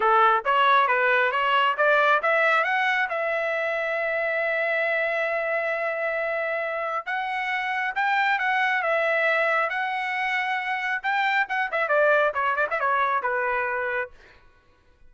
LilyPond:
\new Staff \with { instrumentName = "trumpet" } { \time 4/4 \tempo 4 = 136 a'4 cis''4 b'4 cis''4 | d''4 e''4 fis''4 e''4~ | e''1~ | e''1 |
fis''2 g''4 fis''4 | e''2 fis''2~ | fis''4 g''4 fis''8 e''8 d''4 | cis''8 d''16 e''16 cis''4 b'2 | }